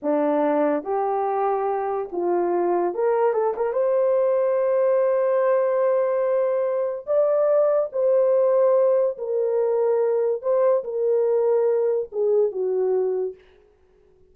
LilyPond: \new Staff \with { instrumentName = "horn" } { \time 4/4 \tempo 4 = 144 d'2 g'2~ | g'4 f'2 ais'4 | a'8 ais'8 c''2.~ | c''1~ |
c''4 d''2 c''4~ | c''2 ais'2~ | ais'4 c''4 ais'2~ | ais'4 gis'4 fis'2 | }